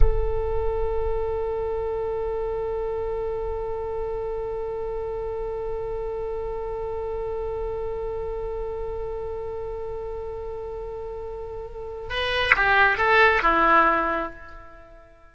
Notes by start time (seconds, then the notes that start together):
0.00 A4
12.09 B4
12.56 G4
12.97 A4
13.42 E4